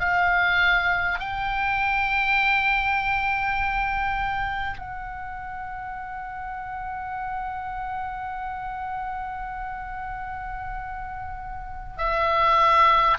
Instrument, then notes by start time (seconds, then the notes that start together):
oboe
0.00 F5
1.20 G5
4.79 F#5
11.98 E5